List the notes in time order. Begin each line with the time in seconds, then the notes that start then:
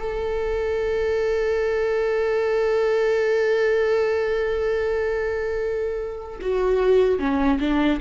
0.00 A4
6.42 F#4
7.19 C#4
7.60 D4